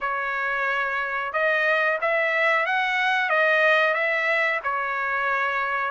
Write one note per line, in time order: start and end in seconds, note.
0.01 1.32 C#5
1.32 1.98 D#5
2.01 2.66 E5
2.66 3.29 F#5
3.29 3.94 D#5
3.94 4.60 E5
4.63 5.91 C#5